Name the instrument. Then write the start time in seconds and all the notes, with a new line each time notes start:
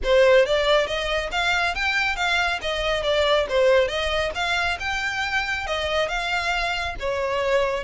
violin
0.03 C5
0.45 D5
0.86 D#5
1.31 F5
1.74 G5
2.16 F5
2.61 D#5
3.02 D5
3.49 C5
3.88 D#5
4.34 F5
4.79 G5
5.66 D#5
6.08 F5
6.99 C#5